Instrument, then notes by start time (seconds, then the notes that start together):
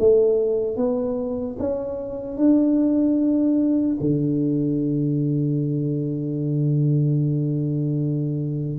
tuba
0.00 A3
0.77 B3
1.59 C#4
2.38 D4
4.01 D3